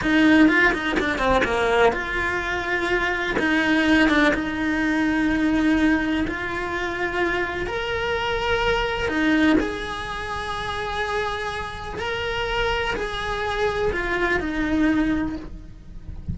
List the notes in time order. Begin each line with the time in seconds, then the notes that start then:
0.02 D#4
0.48 F4
0.73 D#4
0.99 D4
1.18 C4
1.44 A#3
1.92 F4
3.38 D#4
4.09 D4
4.34 D#4
6.27 F4
7.66 A#4
9.08 D#4
9.60 G#4
11.99 A#4
12.95 G#4
13.92 F4
14.40 D#4